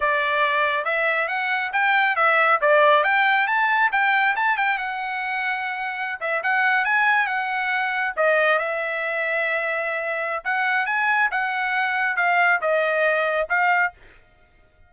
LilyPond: \new Staff \with { instrumentName = "trumpet" } { \time 4/4 \tempo 4 = 138 d''2 e''4 fis''4 | g''4 e''4 d''4 g''4 | a''4 g''4 a''8 g''8 fis''4~ | fis''2~ fis''16 e''8 fis''4 gis''16~ |
gis''8. fis''2 dis''4 e''16~ | e''1 | fis''4 gis''4 fis''2 | f''4 dis''2 f''4 | }